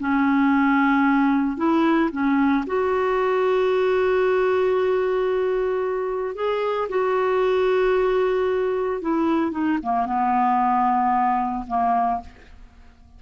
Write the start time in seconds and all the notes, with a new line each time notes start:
0.00 C#4
1.57 E4
2.12 C#4
2.67 F#4
6.35 G#4
6.89 F#4
9.01 E4
9.52 D#4
9.83 A#3
10.06 B3
11.68 A#3